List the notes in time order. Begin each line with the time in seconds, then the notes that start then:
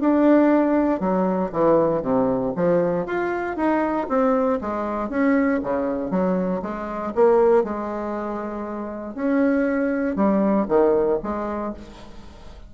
0.00 D4
1.00 F#3
1.52 E3
2.02 C3
2.56 F3
3.06 F4
3.57 D#4
4.09 C4
4.61 G#3
5.09 C#4
5.63 C#3
6.11 F#3
6.62 G#3
7.15 A#3
7.64 G#3
9.15 C#4
10.16 G3
10.68 D#3
11.23 G#3